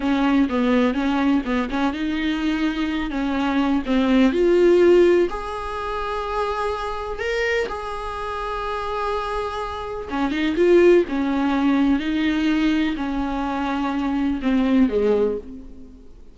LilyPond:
\new Staff \with { instrumentName = "viola" } { \time 4/4 \tempo 4 = 125 cis'4 b4 cis'4 b8 cis'8 | dis'2~ dis'8 cis'4. | c'4 f'2 gis'4~ | gis'2. ais'4 |
gis'1~ | gis'4 cis'8 dis'8 f'4 cis'4~ | cis'4 dis'2 cis'4~ | cis'2 c'4 gis4 | }